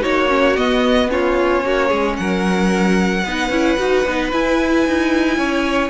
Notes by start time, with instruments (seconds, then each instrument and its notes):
0.00 cello A#3, viola D#4, violin F#4 C#5
0.29 viola C#4
0.56 viola B3, cello B3, violin D#5
1.09 viola C#4, violin F4 C#5
1.64 cello A#3, violin F#4
1.88 cello G#3, violin G#4
2.16 cello F#3, violin A#4 F#5
3.24 cello B3, viola D#4, violin B4
3.50 cello C#4, viola E4
3.78 cello D#4, viola F#4
4.05 cello B3, viola D#4
4.31 viola E4, cello E4, violin G#5
4.86 cello D#4
5.37 cello C#4, violin C#5